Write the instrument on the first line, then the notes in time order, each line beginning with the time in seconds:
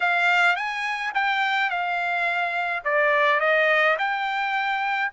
trumpet
0.00 F5
0.55 G#5
1.14 G5
1.70 F5
2.84 D5
3.40 D#5
3.98 G5